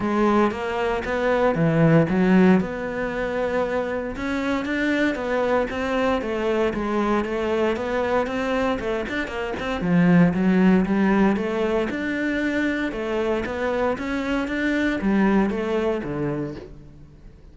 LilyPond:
\new Staff \with { instrumentName = "cello" } { \time 4/4 \tempo 4 = 116 gis4 ais4 b4 e4 | fis4 b2. | cis'4 d'4 b4 c'4 | a4 gis4 a4 b4 |
c'4 a8 d'8 ais8 c'8 f4 | fis4 g4 a4 d'4~ | d'4 a4 b4 cis'4 | d'4 g4 a4 d4 | }